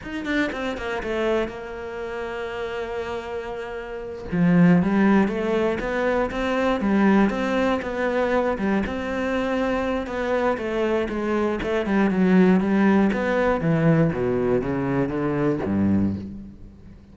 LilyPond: \new Staff \with { instrumentName = "cello" } { \time 4/4 \tempo 4 = 119 dis'8 d'8 c'8 ais8 a4 ais4~ | ais1~ | ais8 f4 g4 a4 b8~ | b8 c'4 g4 c'4 b8~ |
b4 g8 c'2~ c'8 | b4 a4 gis4 a8 g8 | fis4 g4 b4 e4 | b,4 cis4 d4 g,4 | }